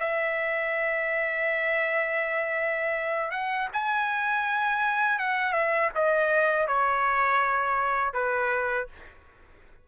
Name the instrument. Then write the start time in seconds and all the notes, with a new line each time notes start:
trumpet
0.00 E5
3.31 F#5
3.73 G#5
5.19 F#5
5.53 E5
5.95 D#5
6.67 C#5
8.13 B4